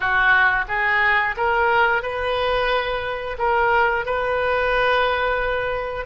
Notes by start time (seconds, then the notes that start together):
0.00 F#4
0.67 G#4
1.36 A#4
2.02 B4
3.38 A#4
4.05 B4